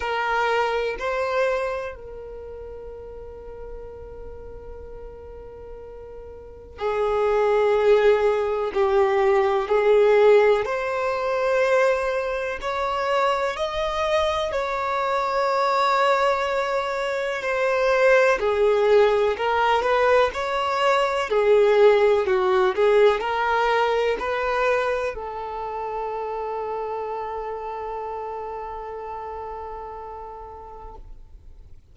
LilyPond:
\new Staff \with { instrumentName = "violin" } { \time 4/4 \tempo 4 = 62 ais'4 c''4 ais'2~ | ais'2. gis'4~ | gis'4 g'4 gis'4 c''4~ | c''4 cis''4 dis''4 cis''4~ |
cis''2 c''4 gis'4 | ais'8 b'8 cis''4 gis'4 fis'8 gis'8 | ais'4 b'4 a'2~ | a'1 | }